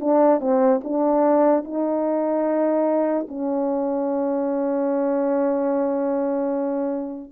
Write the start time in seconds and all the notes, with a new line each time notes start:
0.00 D4
0.40 C4
0.84 D4
1.64 D#4
3.28 C#4